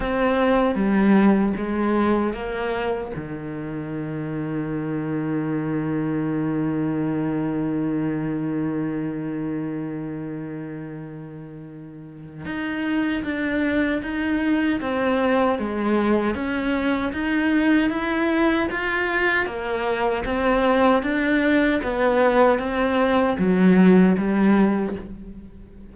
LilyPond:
\new Staff \with { instrumentName = "cello" } { \time 4/4 \tempo 4 = 77 c'4 g4 gis4 ais4 | dis1~ | dis1~ | dis1 |
dis'4 d'4 dis'4 c'4 | gis4 cis'4 dis'4 e'4 | f'4 ais4 c'4 d'4 | b4 c'4 fis4 g4 | }